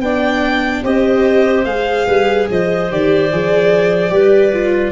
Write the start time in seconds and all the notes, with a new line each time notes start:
0.00 B3 D4 D5 G5
0.84 C4 G4 C5 D#5
1.65 G#3 G#4 F5
2.06 G3 B4
2.50 F3 C5 D#5
2.90 D#3 G4 D5
3.32 F3 G#4
4.09 G3 G4 B4
4.53 F4